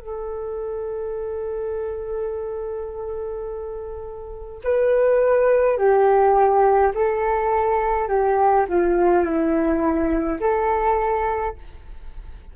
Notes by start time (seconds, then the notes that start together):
0.00 A4
4.64 B4
5.77 G4
6.94 A4
8.09 G4
8.69 F4
9.25 E4
10.41 A4